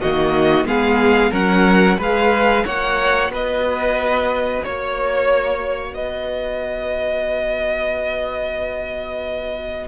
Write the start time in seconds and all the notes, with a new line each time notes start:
0.00 D#3 A#3 F#4 D#5
0.65 G#3 B3 G#4 F5
1.31 F#3 C#4 A#4 F#5
1.98 G#3 G#4 B4 F5
2.65 A#3 F#4 C#5 F#5
3.29 B3 B4 D#5
4.64 A#3 C#5
5.94 B3 B4 D#5